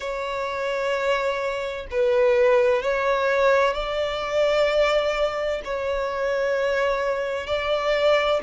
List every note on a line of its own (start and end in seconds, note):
0.00 1.87 C#5
1.90 2.82 B4
2.82 3.74 C#5
3.74 5.61 D5
5.64 7.46 C#5
7.46 8.40 D5